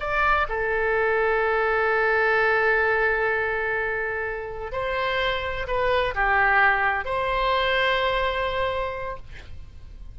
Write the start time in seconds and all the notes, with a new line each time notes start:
0.00 D5
0.49 A4
4.72 C5
5.67 B4
6.15 G4
7.05 C5